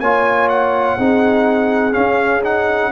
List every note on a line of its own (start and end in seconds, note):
0.00 0.97 A#3
0.00 0.99 F4
0.00 0.97 C#5
0.00 0.48 G#5
0.49 1.93 F#5
0.97 1.95 C4
0.97 1.92 D#4
0.97 2.90 G#4
1.92 2.41 C#4
1.92 2.92 C#4
1.92 2.42 F5
2.44 2.92 D#4
2.44 2.92 F#5